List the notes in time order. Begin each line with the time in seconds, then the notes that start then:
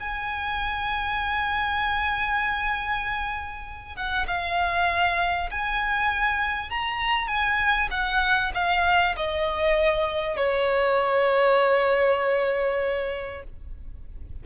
0.00 G#5
3.96 F#5
4.27 F5
5.51 G#5
6.70 A#5
7.28 G#5
7.91 F#5
8.55 F5
9.16 D#5
10.37 C#5